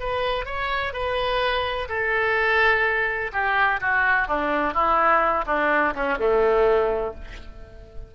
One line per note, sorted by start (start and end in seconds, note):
0.00 0.46 B4
0.46 0.93 C#5
0.93 1.89 B4
1.89 3.32 A4
3.33 3.81 G4
3.81 4.28 F#4
4.28 4.74 D4
4.74 5.45 E4
5.47 5.94 D4
5.95 6.18 C#4
6.20 7.15 A3